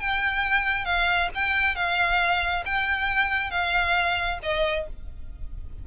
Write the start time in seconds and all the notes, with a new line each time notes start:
0.00 G5
0.85 F5
1.35 G5
1.76 F5
2.65 G5
3.51 F5
4.43 D#5